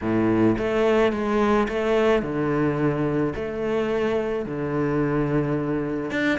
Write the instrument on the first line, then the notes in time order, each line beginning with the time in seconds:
cello
0.01 A2
0.58 A3
1.12 G#3
1.68 A3
2.22 D3
3.35 A3
4.45 D3
6.11 D4